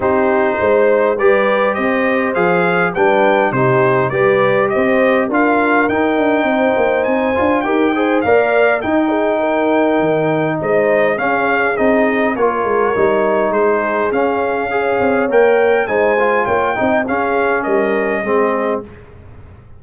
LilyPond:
<<
  \new Staff \with { instrumentName = "trumpet" } { \time 4/4 \tempo 4 = 102 c''2 d''4 dis''4 | f''4 g''4 c''4 d''4 | dis''4 f''4 g''2 | gis''4 g''4 f''4 g''4~ |
g''2 dis''4 f''4 | dis''4 cis''2 c''4 | f''2 g''4 gis''4 | g''4 f''4 dis''2 | }
  \new Staff \with { instrumentName = "horn" } { \time 4/4 g'4 c''4 b'4 c''4~ | c''4 b'4 g'4 b'4 | c''4 ais'2 c''4~ | c''4 ais'8 c''8 d''4 dis''8 gis'8 |
ais'2 c''4 gis'4~ | gis'4 ais'2 gis'4~ | gis'4 cis''2 c''4 | cis''8 dis''8 gis'4 ais'4 gis'4 | }
  \new Staff \with { instrumentName = "trombone" } { \time 4/4 dis'2 g'2 | gis'4 d'4 dis'4 g'4~ | g'4 f'4 dis'2~ | dis'8 f'8 g'8 gis'8 ais'4 dis'4~ |
dis'2. cis'4 | dis'4 f'4 dis'2 | cis'4 gis'4 ais'4 dis'8 f'8~ | f'8 dis'8 cis'2 c'4 | }
  \new Staff \with { instrumentName = "tuba" } { \time 4/4 c'4 gis4 g4 c'4 | f4 g4 c4 g4 | c'4 d'4 dis'8 d'8 c'8 ais8 | c'8 d'8 dis'4 ais4 dis'4~ |
dis'4 dis4 gis4 cis'4 | c'4 ais8 gis8 g4 gis4 | cis'4. c'8 ais4 gis4 | ais8 c'8 cis'4 g4 gis4 | }
>>